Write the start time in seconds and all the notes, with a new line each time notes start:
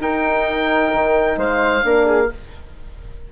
0.00 D#4 A#4 G5
0.94 D#3
1.37 G#3 C5 F5
1.83 A#3 D4 A#4
2.06 G#4